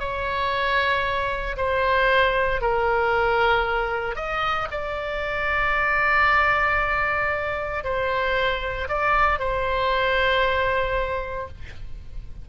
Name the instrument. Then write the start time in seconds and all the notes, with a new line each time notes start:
oboe
0.00 C#5
1.57 C5
2.61 A#4
4.16 D#5
4.71 D5
7.84 C5
8.89 D5
9.40 C5